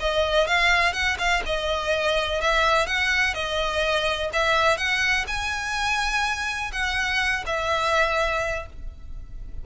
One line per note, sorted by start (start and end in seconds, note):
0.00 0.47 D#5
0.47 0.93 F5
0.93 1.17 F#5
1.19 1.43 F5
1.46 2.41 D#5
2.41 2.87 E5
2.87 3.34 F#5
3.34 4.30 D#5
4.33 4.77 E5
4.77 5.25 F#5
5.28 6.72 G#5
6.72 7.44 F#5
7.46 8.66 E5